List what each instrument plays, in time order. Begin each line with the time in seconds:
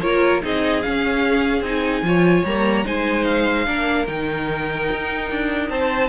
0.00 cello A#3, viola F4, violin A#4 C#5
0.41 cello C4, viola D#4, violin G#4 D#5
0.82 viola C#4, cello C#4, violin F5
1.60 cello C4, viola D#4
1.67 violin G#5
2.02 cello F3, viola F4, violin C#5
2.44 cello G3, viola A#3, violin A#5
2.84 cello G#3, viola D#4, violin C5 G#5
3.24 violin F5
3.65 cello A#3, viola D4, violin A#4
4.06 cello D#3, viola D#4, violin G5
4.92 cello D#4
5.30 cello D4
5.69 cello C4, violin C5 A5